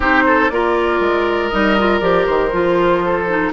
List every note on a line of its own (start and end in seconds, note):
0.00 0.50 C4
0.00 0.50 D#4
0.00 0.23 G4
0.00 0.49 C5
0.26 0.51 A4
0.49 1.00 A#3
0.49 1.52 F4
0.49 3.05 A#4
0.49 1.49 D5
1.00 1.50 G#3
1.49 2.01 G3
1.49 1.77 D#4
1.49 1.99 D#5
1.78 2.01 F4
2.00 2.26 F3
2.00 2.51 G4
2.00 2.25 D5
2.25 2.52 D#3
2.25 3.51 C5
2.52 3.52 F3
2.52 3.27 F4
3.05 3.52 A4
3.28 3.52 D#4